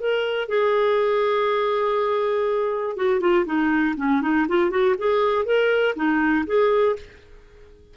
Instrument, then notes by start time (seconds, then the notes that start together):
clarinet
0.00 A#4
0.49 G#4
2.96 F#4
3.21 F4
3.46 D#4
3.97 C#4
4.22 D#4
4.49 F4
4.71 F#4
4.98 G#4
5.45 A#4
5.96 D#4
6.47 G#4